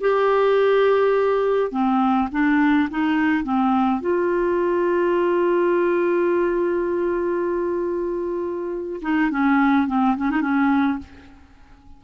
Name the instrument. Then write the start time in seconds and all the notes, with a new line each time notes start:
clarinet
0.00 G4
1.71 C4
2.31 D4
2.90 D#4
3.43 C4
4.00 F4
9.02 D#4
9.30 C#4
9.87 C4
10.16 C#4
10.30 D#4
10.41 C#4